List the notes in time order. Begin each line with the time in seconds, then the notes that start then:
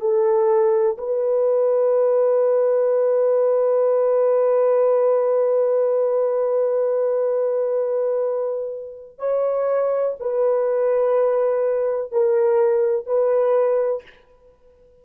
0.00 A4
0.98 B4
9.18 C#5
10.20 B4
12.12 A#4
13.06 B4